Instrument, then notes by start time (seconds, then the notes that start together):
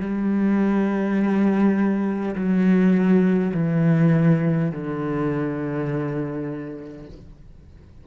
cello
0.00 G3
2.36 F#3
3.54 E3
4.72 D3